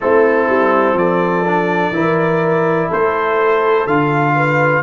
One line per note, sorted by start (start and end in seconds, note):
0.00 0.48 A3
0.00 1.45 C4
0.00 0.97 E4
0.00 0.97 A4
0.48 0.94 G3
0.94 1.90 F3
0.94 1.94 A4
0.94 2.91 D5
1.45 1.93 D4
1.92 2.89 E3
1.92 3.86 E4
1.92 2.89 A#4
2.89 3.86 A3
2.89 4.34 A4
2.89 3.86 C5
3.86 4.83 D3
3.86 4.83 F4
3.86 4.83 F5
4.35 4.83 B4